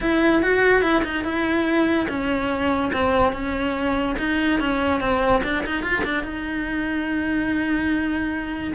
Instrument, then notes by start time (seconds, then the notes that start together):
cello
0.00 E4
0.42 F#4
0.81 E4
1.04 D#4
1.23 E4
2.08 C#4
2.92 C4
3.32 C#4
4.18 D#4
4.59 C#4
5.00 C4
5.43 D4
5.66 D#4
5.82 F4
6.04 D4
6.23 D#4